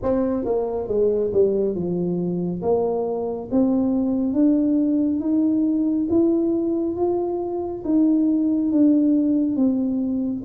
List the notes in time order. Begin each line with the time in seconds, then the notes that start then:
0.02 C4
0.44 A#3
0.87 G#3
1.33 G3
1.74 F3
2.61 A#3
3.51 C4
4.33 D4
5.20 D#4
6.09 E4
6.96 F4
7.84 D#4
8.71 D4
9.55 C4